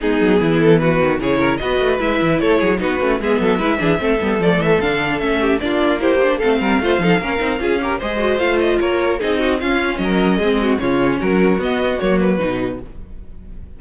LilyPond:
<<
  \new Staff \with { instrumentName = "violin" } { \time 4/4 \tempo 4 = 150 gis'4. a'8 b'4 cis''4 | dis''4 e''4 cis''4 b'4 | e''2. d''8 e''8 | f''4 e''4 d''4 c''4 |
f''1 | dis''4 f''8 dis''8 cis''4 dis''4 | f''4 dis''2 cis''4 | ais'4 dis''4 cis''8 b'4. | }
  \new Staff \with { instrumentName = "violin" } { \time 4/4 dis'4 e'4 fis'4 gis'8 ais'8 | b'2 a'8 gis'8 fis'4 | gis'8 a'8 b'8 gis'8 a'2~ | a'4. g'8 f'4 g'4 |
a'8 ais'8 c''8 a'8 ais'4 gis'8 ais'8 | c''2 ais'4 gis'8 fis'8 | f'4 ais'4 gis'8 fis'8 f'4 | fis'1 | }
  \new Staff \with { instrumentName = "viola" } { \time 4/4 b2. e'4 | fis'4 e'2 dis'8 cis'8 | b4 e'8 d'8 c'8 b8 a4 | d'4 cis'4 d'4 e'8 d'8 |
c'4 f'8 dis'8 cis'8 dis'8 f'8 g'8 | gis'8 fis'8 f'2 dis'4 | cis'2 c'4 cis'4~ | cis'4 b4 ais4 dis'4 | }
  \new Staff \with { instrumentName = "cello" } { \time 4/4 gis8 fis8 e4. dis8 cis4 | b8 a8 gis8 e8 a8 fis8 b8 a8 | gis8 fis8 gis8 e8 a8 g8 f8 e8 | d4 a4 ais2 |
a8 g8 a8 f8 ais8 c'8 cis'4 | gis4 a4 ais4 c'4 | cis'4 fis4 gis4 cis4 | fis4 b4 fis4 b,4 | }
>>